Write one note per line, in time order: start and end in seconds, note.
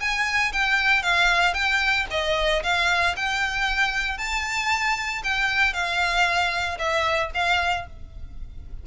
0.00 0.52 G#5
0.53 1.02 G5
1.02 1.54 F5
1.54 2.06 G5
2.10 2.63 D#5
2.63 3.15 F5
3.16 4.18 G5
4.18 5.22 A5
5.24 5.73 G5
5.73 6.78 F5
6.78 7.31 E5
7.34 7.86 F5